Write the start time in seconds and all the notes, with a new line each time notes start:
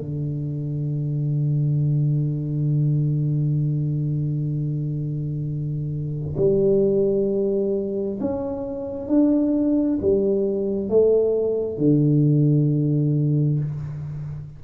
0.00 D3
6.38 G3
8.21 C#4
9.08 D4
10.02 G3
10.89 A3
11.78 D3